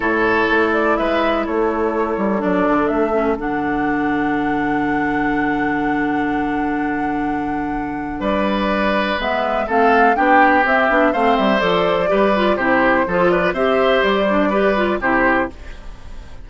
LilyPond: <<
  \new Staff \with { instrumentName = "flute" } { \time 4/4 \tempo 4 = 124 cis''4. d''8 e''4 cis''4~ | cis''4 d''4 e''4 fis''4~ | fis''1~ | fis''1~ |
fis''4 d''2 e''4 | f''4 g''4 e''4 f''8 e''8 | d''2 c''4. d''8 | e''4 d''2 c''4 | }
  \new Staff \with { instrumentName = "oboe" } { \time 4/4 a'2 b'4 a'4~ | a'1~ | a'1~ | a'1~ |
a'4 b'2. | a'4 g'2 c''4~ | c''4 b'4 g'4 a'8 b'8 | c''2 b'4 g'4 | }
  \new Staff \with { instrumentName = "clarinet" } { \time 4/4 e'1~ | e'4 d'4. cis'8 d'4~ | d'1~ | d'1~ |
d'2. b4 | c'4 d'4 c'8 d'8 c'4 | a'4 g'8 f'8 e'4 f'4 | g'4. d'8 g'8 f'8 e'4 | }
  \new Staff \with { instrumentName = "bassoon" } { \time 4/4 a,4 a4 gis4 a4~ | a8 g8 fis8 d8 a4 d4~ | d1~ | d1~ |
d4 g2 gis4 | a4 b4 c'8 b8 a8 g8 | f4 g4 c4 f4 | c'4 g2 c4 | }
>>